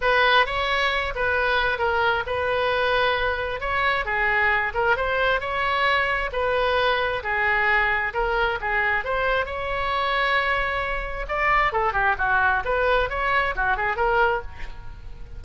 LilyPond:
\new Staff \with { instrumentName = "oboe" } { \time 4/4 \tempo 4 = 133 b'4 cis''4. b'4. | ais'4 b'2. | cis''4 gis'4. ais'8 c''4 | cis''2 b'2 |
gis'2 ais'4 gis'4 | c''4 cis''2.~ | cis''4 d''4 a'8 g'8 fis'4 | b'4 cis''4 fis'8 gis'8 ais'4 | }